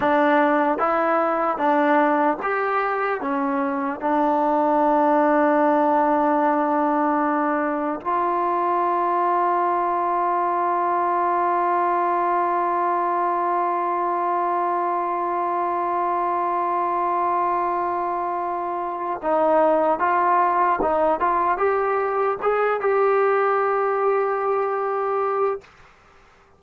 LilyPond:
\new Staff \with { instrumentName = "trombone" } { \time 4/4 \tempo 4 = 75 d'4 e'4 d'4 g'4 | cis'4 d'2.~ | d'2 f'2~ | f'1~ |
f'1~ | f'1 | dis'4 f'4 dis'8 f'8 g'4 | gis'8 g'2.~ g'8 | }